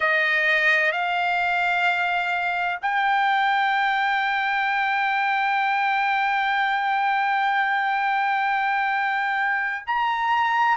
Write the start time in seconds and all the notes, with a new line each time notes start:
0.00 D#5
0.92 F5
2.82 G5
9.86 A#5